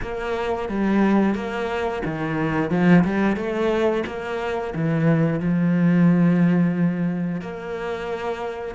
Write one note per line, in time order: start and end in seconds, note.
0.02 0.68 A#3
0.68 1.35 G3
1.35 2.02 A#3
2.05 2.70 D#3
2.70 3.04 F3
3.04 3.36 G3
3.36 4.03 A3
4.06 4.73 A#3
4.75 5.40 E3
5.40 7.41 F3
7.41 8.75 A#3